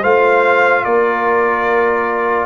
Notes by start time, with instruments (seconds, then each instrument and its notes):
0.00 tuba A3, trombone F4, horn C5, trumpet F5
0.84 tuba A#3, horn A#4, trumpet D5